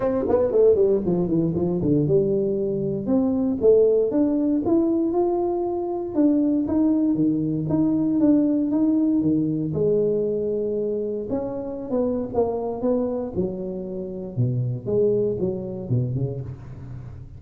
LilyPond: \new Staff \with { instrumentName = "tuba" } { \time 4/4 \tempo 4 = 117 c'8 b8 a8 g8 f8 e8 f8 d8 | g2 c'4 a4 | d'4 e'4 f'2 | d'4 dis'4 dis4 dis'4 |
d'4 dis'4 dis4 gis4~ | gis2 cis'4~ cis'16 b8. | ais4 b4 fis2 | b,4 gis4 fis4 b,8 cis8 | }